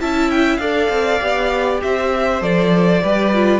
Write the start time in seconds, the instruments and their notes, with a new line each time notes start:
0.00 cello C#4, viola E4, violin E5 A5
0.31 violin G5
0.56 cello D4, viola A4, violin D5 F5
0.89 cello C4
1.20 cello B3, viola G4
1.82 cello C4, violin C5 E5
2.41 cello F3, viola A4, violin D5
3.03 cello G3, viola G4, violin B4
3.34 viola F4